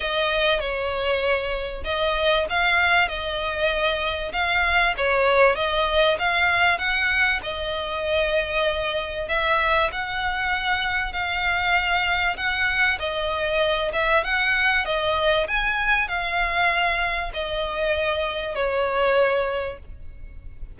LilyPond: \new Staff \with { instrumentName = "violin" } { \time 4/4 \tempo 4 = 97 dis''4 cis''2 dis''4 | f''4 dis''2 f''4 | cis''4 dis''4 f''4 fis''4 | dis''2. e''4 |
fis''2 f''2 | fis''4 dis''4. e''8 fis''4 | dis''4 gis''4 f''2 | dis''2 cis''2 | }